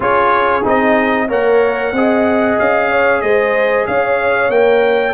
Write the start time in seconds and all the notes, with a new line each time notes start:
0.00 C#4 F4 G#4 C#5
0.63 C4 D#4 D#5
1.28 A#3 A#4 C#5 F#5
1.92 C4 G#4 D#5
2.59 C#4 F5
2.91 C#5
3.21 G#3 C5 D#5
3.87 C#4 C#5 F5
4.49 A#3 A#4 G5